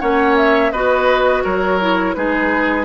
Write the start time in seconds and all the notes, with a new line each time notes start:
0.00 A#3 C#4 C#5 F#5
0.37 E5
0.72 B3 F#4 B4 D#5
1.44 F#3 A#4 C#5
1.81 E4
2.14 G#3 D#4 G#4 B4